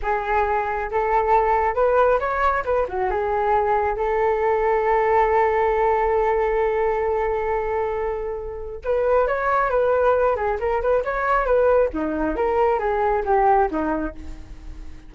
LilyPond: \new Staff \with { instrumentName = "flute" } { \time 4/4 \tempo 4 = 136 gis'2 a'2 | b'4 cis''4 b'8 fis'8 gis'4~ | gis'4 a'2.~ | a'1~ |
a'1 | b'4 cis''4 b'4. gis'8 | ais'8 b'8 cis''4 b'4 dis'4 | ais'4 gis'4 g'4 dis'4 | }